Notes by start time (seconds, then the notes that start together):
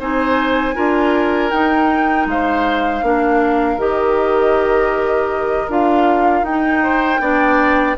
0.00 C4 D#4 C5 G#5
0.75 D4 F4 A#4
1.51 D#4 G5
2.26 G#3 C5 F5
3.03 A#3 D4 A#4
3.77 D#3 G4 D#5
5.69 D4 F4 F5
6.43 D#4 G5
6.49 D#4
6.83 C5
7.21 B3 D4 D5